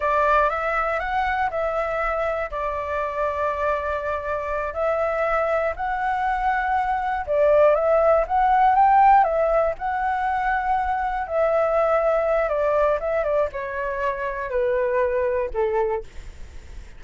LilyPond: \new Staff \with { instrumentName = "flute" } { \time 4/4 \tempo 4 = 120 d''4 e''4 fis''4 e''4~ | e''4 d''2.~ | d''4. e''2 fis''8~ | fis''2~ fis''8 d''4 e''8~ |
e''8 fis''4 g''4 e''4 fis''8~ | fis''2~ fis''8 e''4.~ | e''4 d''4 e''8 d''8 cis''4~ | cis''4 b'2 a'4 | }